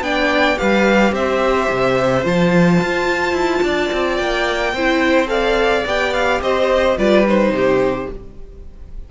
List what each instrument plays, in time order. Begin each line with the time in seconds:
0.00 cello B3, viola D4, violin D5 G5
0.56 cello G3, viola G4, violin B4 F5
1.12 cello C4, violin C5 E5
1.70 cello C3
2.23 cello F3, viola F4, violin A5
2.81 cello F4
3.32 cello E4
3.62 cello D4, violin D5
3.92 cello C4
4.16 cello A#3, violin G5
4.73 cello C4, viola E4, violin C5
5.26 viola A4, violin D5 F5
5.85 cello B3, viola G4, violin G5
6.13 violin F5
6.41 cello C4, violin C5 D#5
6.97 cello G3, viola F4, violin B4 D5
7.26 viola D#4, violin C5
7.50 cello C3, violin G4